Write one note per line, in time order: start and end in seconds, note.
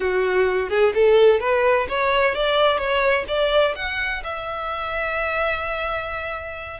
0.00 0.69 F#4
0.69 0.93 G#4
0.94 1.40 A4
1.40 1.87 B4
1.88 2.34 C#5
2.34 2.78 D5
2.78 3.25 C#5
3.27 3.74 D5
3.75 4.22 F#5
4.23 6.80 E5